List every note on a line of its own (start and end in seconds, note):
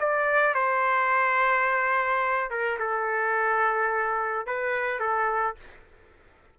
0.00 0.55 D5
0.55 2.51 C5
2.51 2.79 A#4
2.80 4.47 A4
4.47 5.00 B4
5.00 5.56 A4